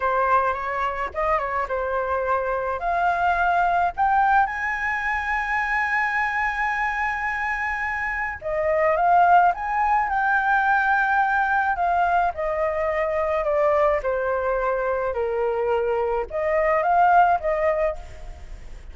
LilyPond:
\new Staff \with { instrumentName = "flute" } { \time 4/4 \tempo 4 = 107 c''4 cis''4 dis''8 cis''8 c''4~ | c''4 f''2 g''4 | gis''1~ | gis''2. dis''4 |
f''4 gis''4 g''2~ | g''4 f''4 dis''2 | d''4 c''2 ais'4~ | ais'4 dis''4 f''4 dis''4 | }